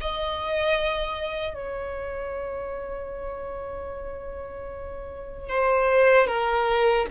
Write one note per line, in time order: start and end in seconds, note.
0.00 1.54 D#5
1.54 5.48 C#5
5.49 6.27 C5
6.27 7.06 A#4